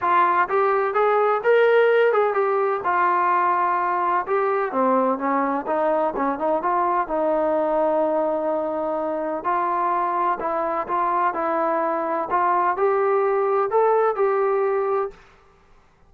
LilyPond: \new Staff \with { instrumentName = "trombone" } { \time 4/4 \tempo 4 = 127 f'4 g'4 gis'4 ais'4~ | ais'8 gis'8 g'4 f'2~ | f'4 g'4 c'4 cis'4 | dis'4 cis'8 dis'8 f'4 dis'4~ |
dis'1 | f'2 e'4 f'4 | e'2 f'4 g'4~ | g'4 a'4 g'2 | }